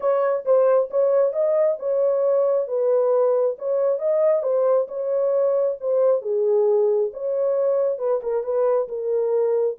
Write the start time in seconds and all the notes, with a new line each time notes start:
0.00 C#5
0.45 C5
0.90 C#5
1.32 D#5
1.79 C#5
2.67 B4
3.58 C#5
3.98 D#5
4.42 C5
4.87 C#5
5.80 C5
6.21 G#4
7.13 C#5
7.98 B4
8.22 A#4
8.43 B4
8.88 A#4